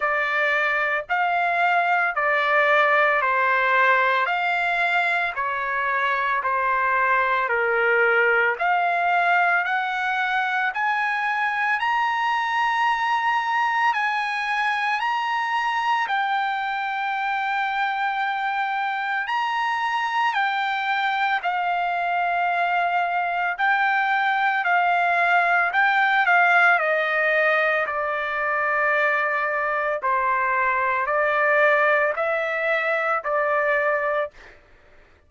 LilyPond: \new Staff \with { instrumentName = "trumpet" } { \time 4/4 \tempo 4 = 56 d''4 f''4 d''4 c''4 | f''4 cis''4 c''4 ais'4 | f''4 fis''4 gis''4 ais''4~ | ais''4 gis''4 ais''4 g''4~ |
g''2 ais''4 g''4 | f''2 g''4 f''4 | g''8 f''8 dis''4 d''2 | c''4 d''4 e''4 d''4 | }